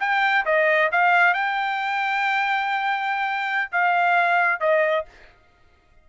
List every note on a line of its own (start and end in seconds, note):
0.00 0.45 G5
0.46 0.91 D#5
0.92 1.34 F5
1.34 3.71 G5
3.72 4.60 F5
4.60 5.05 D#5